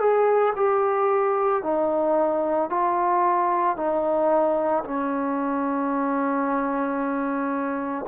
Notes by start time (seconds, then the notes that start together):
0.00 G#4
0.56 G4
1.63 D#4
2.69 F4
3.76 D#4
4.84 C#4